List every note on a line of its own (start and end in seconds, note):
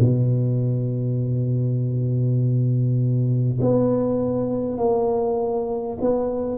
0.00 3.60 B2
3.62 4.78 B3
4.78 5.98 A#3
6.01 6.58 B3